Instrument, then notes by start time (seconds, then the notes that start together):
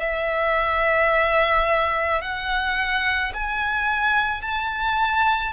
violin
0.00 E5
2.22 F#5
3.34 G#5
4.42 A5